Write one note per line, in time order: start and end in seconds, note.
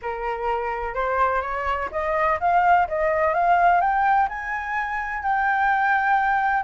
0.02 0.94 A#4
0.94 1.41 C5
1.41 1.89 C#5
1.91 2.39 D#5
2.40 2.87 F5
2.88 3.34 D#5
3.34 3.81 F5
3.81 4.28 G5
4.29 5.23 G#5
5.23 6.63 G5